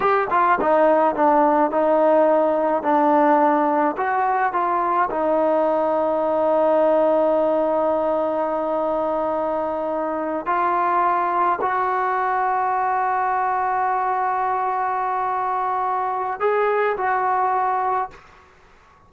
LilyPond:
\new Staff \with { instrumentName = "trombone" } { \time 4/4 \tempo 4 = 106 g'8 f'8 dis'4 d'4 dis'4~ | dis'4 d'2 fis'4 | f'4 dis'2.~ | dis'1~ |
dis'2~ dis'8 f'4.~ | f'8 fis'2.~ fis'8~ | fis'1~ | fis'4 gis'4 fis'2 | }